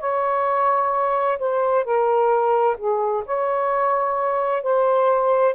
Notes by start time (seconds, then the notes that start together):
0.00 C#5
1.39 C5
1.85 A#4
2.78 G#4
3.26 C#5
4.63 C5